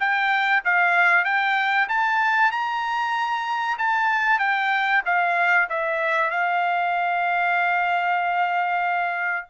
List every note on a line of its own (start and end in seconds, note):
0.00 0.63 G5
0.65 1.25 F5
1.25 1.88 G5
1.89 2.52 A5
2.52 3.78 A#5
3.78 4.39 A5
4.39 5.02 G5
5.05 5.68 F5
5.70 6.31 E5
6.31 9.47 F5